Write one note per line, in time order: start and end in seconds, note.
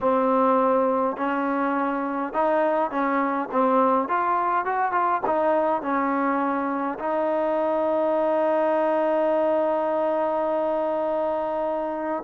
0.00 1.17 C4
1.17 2.33 C#4
2.33 2.90 D#4
2.90 3.48 C#4
3.51 4.08 C4
4.08 4.65 F4
4.65 4.92 F#4
4.92 5.21 F4
5.26 5.82 D#4
5.82 6.98 C#4
6.98 12.23 D#4